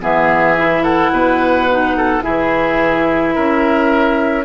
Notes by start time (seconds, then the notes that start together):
0.00 E3 B3 G#4 E5
0.57 E4
0.82 A4 F#5
1.10 B2 B4
1.69 D#4
1.97 A4
2.21 E3 E4 G#4 E5
3.34 C#4 A#4